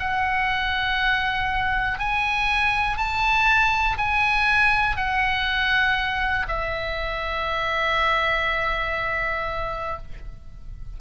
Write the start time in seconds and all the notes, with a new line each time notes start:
0.00 F#5
1.99 G#5
2.98 A5
3.98 G#5
4.96 F#5
6.48 E5